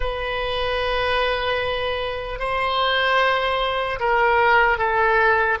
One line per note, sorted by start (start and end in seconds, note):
0.00 2.39 B4
2.39 3.99 C5
3.99 4.77 A#4
4.77 5.57 A4